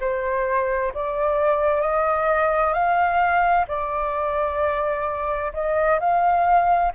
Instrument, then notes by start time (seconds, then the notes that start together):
flute
0.00 C5
0.94 D5
1.81 D#5
2.73 F5
3.68 D5
5.53 D#5
6.00 F5